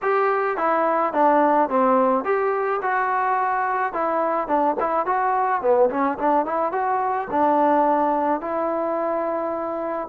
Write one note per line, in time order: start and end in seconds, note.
0.02 0.57 G4
0.57 1.13 E4
1.13 1.69 D4
1.69 2.24 C4
2.24 2.80 G4
2.82 3.93 F#4
3.93 4.47 E4
4.47 4.75 D4
4.79 5.06 E4
5.06 5.61 F#4
5.61 5.89 B3
5.90 6.18 C#4
6.18 6.45 D4
6.45 6.71 E4
6.71 7.28 F#4
7.30 8.40 D4
8.40 10.08 E4